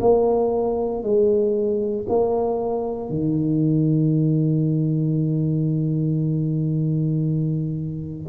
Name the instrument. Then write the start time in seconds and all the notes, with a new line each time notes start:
tuba
0.00 A#3
1.03 G#3
2.08 A#3
3.09 D#3